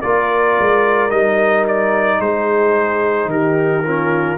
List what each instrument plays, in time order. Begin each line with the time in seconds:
0.00 tuba A#3, trombone F4, horn A#4, trumpet D5
0.60 tuba G#3
1.10 tuba G3, trombone D#4, trumpet D#5
1.68 trumpet D5
2.20 tuba G#3, horn G#4, trumpet C5
3.25 tuba D#3, horn G4, trumpet A#4
3.85 trombone C#4, horn F4